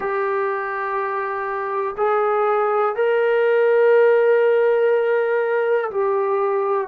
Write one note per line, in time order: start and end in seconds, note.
0.00 1.95 G4
1.97 2.95 G#4
2.95 5.90 A#4
5.90 6.87 G4